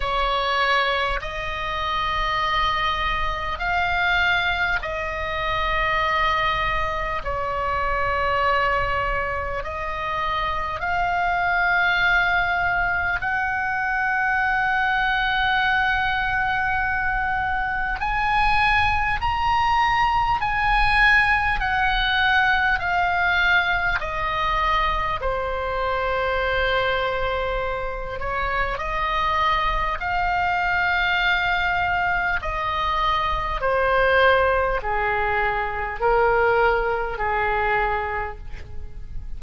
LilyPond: \new Staff \with { instrumentName = "oboe" } { \time 4/4 \tempo 4 = 50 cis''4 dis''2 f''4 | dis''2 cis''2 | dis''4 f''2 fis''4~ | fis''2. gis''4 |
ais''4 gis''4 fis''4 f''4 | dis''4 c''2~ c''8 cis''8 | dis''4 f''2 dis''4 | c''4 gis'4 ais'4 gis'4 | }